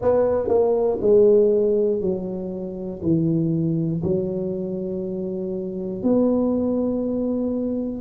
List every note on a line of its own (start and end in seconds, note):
0.01 0.48 B3
0.48 0.98 A#3
1.00 2.00 G#3
2.00 3.00 F#3
3.02 4.02 E3
4.03 6.02 F#3
6.02 8.01 B3